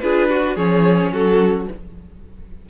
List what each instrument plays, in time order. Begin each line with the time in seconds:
0.00 cello D4, viola F4, violin G#4 B4
0.30 violin F#4, viola F#4
0.56 cello F3, viola C#4, violin G#4 C#5
1.12 cello F#3, violin F#4 A4